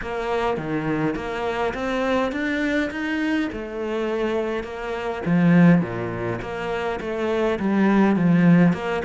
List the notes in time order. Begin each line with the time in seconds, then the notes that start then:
0.01 A#3
0.57 D#3
1.15 A#3
1.74 C4
2.32 D4
2.90 D#4
3.52 A3
4.63 A#3
5.25 F3
5.81 A#2
6.41 A#3
7.00 A3
7.59 G3
8.16 F3
8.73 A#3